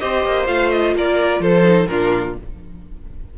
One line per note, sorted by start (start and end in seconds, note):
0.00 0.26 C4
0.00 0.46 G4
0.00 0.95 C5
0.00 0.47 D#5
0.26 0.48 A#3
0.46 0.95 A3
0.46 1.64 F4
0.46 0.71 F5
0.71 0.95 D#5
0.95 1.40 A#3
0.95 1.42 A#4
0.95 1.43 D5
1.40 1.87 F3
1.40 1.89 A4
1.40 1.88 C5
1.65 1.88 D#4
1.88 2.36 A#2
1.88 2.37 D4
1.88 2.39 F4
1.88 2.34 A#4